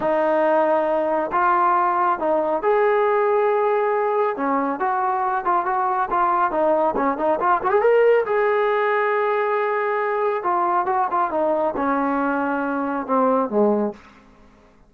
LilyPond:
\new Staff \with { instrumentName = "trombone" } { \time 4/4 \tempo 4 = 138 dis'2. f'4~ | f'4 dis'4 gis'2~ | gis'2 cis'4 fis'4~ | fis'8 f'8 fis'4 f'4 dis'4 |
cis'8 dis'8 f'8 fis'16 gis'16 ais'4 gis'4~ | gis'1 | f'4 fis'8 f'8 dis'4 cis'4~ | cis'2 c'4 gis4 | }